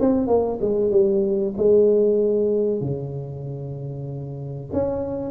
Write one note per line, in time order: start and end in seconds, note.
0.00 0.27 C4
0.27 0.59 A#3
0.61 0.91 G#3
0.91 1.54 G3
1.57 2.80 G#3
2.80 4.70 C#3
4.73 5.31 C#4